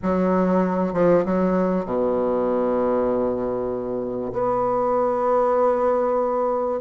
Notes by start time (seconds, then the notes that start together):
0.02 F#3
0.93 F3
1.25 F#3
1.85 B2
4.32 B3